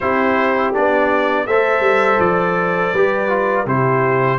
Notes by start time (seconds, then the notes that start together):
0.00 C4 E4 G4 C5
0.73 B3 D4 D5
1.46 A3 A4 C5 E5
1.80 G3
2.19 F3 D5
2.93 G3 G4 B4
3.29 F4
3.65 C3 E4 G4 C5